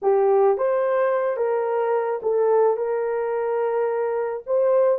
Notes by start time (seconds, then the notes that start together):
0.02 G4
0.57 C5
1.37 A#4
2.22 A4
2.76 A#4
4.46 C5